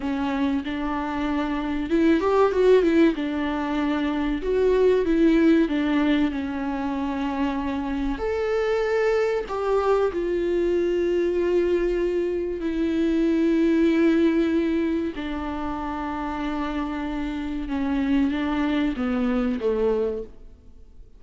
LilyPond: \new Staff \with { instrumentName = "viola" } { \time 4/4 \tempo 4 = 95 cis'4 d'2 e'8 g'8 | fis'8 e'8 d'2 fis'4 | e'4 d'4 cis'2~ | cis'4 a'2 g'4 |
f'1 | e'1 | d'1 | cis'4 d'4 b4 a4 | }